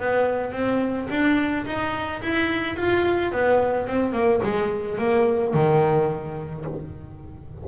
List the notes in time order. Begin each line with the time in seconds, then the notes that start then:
0.00 B3
0.52 C4
1.10 D4
1.66 D#4
2.22 E4
2.76 F4
3.32 B3
3.87 C4
4.13 A#3
4.43 G#3
4.98 A#3
5.54 D#3